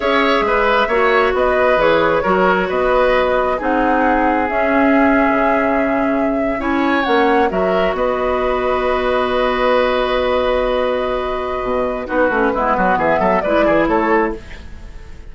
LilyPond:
<<
  \new Staff \with { instrumentName = "flute" } { \time 4/4 \tempo 4 = 134 e''2. dis''4 | cis''2 dis''2 | fis''2 e''2~ | e''2~ e''8. gis''4 fis''16~ |
fis''8. e''4 dis''2~ dis''16~ | dis''1~ | dis''2. b'4~ | b'4 e''4 d''4 cis''4 | }
  \new Staff \with { instrumentName = "oboe" } { \time 4/4 cis''4 b'4 cis''4 b'4~ | b'4 ais'4 b'2 | gis'1~ | gis'2~ gis'8. cis''4~ cis''16~ |
cis''8. ais'4 b'2~ b'16~ | b'1~ | b'2. fis'4 | e'8 fis'8 gis'8 a'8 b'8 gis'8 a'4 | }
  \new Staff \with { instrumentName = "clarinet" } { \time 4/4 gis'2 fis'2 | gis'4 fis'2. | dis'2 cis'2~ | cis'2~ cis'8. e'4 cis'16~ |
cis'8. fis'2.~ fis'16~ | fis'1~ | fis'2. dis'8 cis'8 | b2 e'2 | }
  \new Staff \with { instrumentName = "bassoon" } { \time 4/4 cis'4 gis4 ais4 b4 | e4 fis4 b2 | c'2 cis'4.~ cis'16 cis16~ | cis2~ cis8. cis'4 ais16~ |
ais8. fis4 b2~ b16~ | b1~ | b2 b,4 b8 a8 | gis8 fis8 e8 fis8 gis8 e8 a4 | }
>>